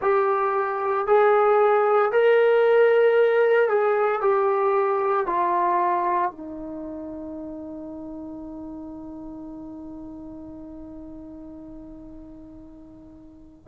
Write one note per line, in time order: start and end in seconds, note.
0.01 1.07 G4
1.07 2.11 G#4
2.11 3.68 A#4
3.68 4.21 G#4
4.21 5.26 G4
5.26 6.31 F4
6.31 13.67 D#4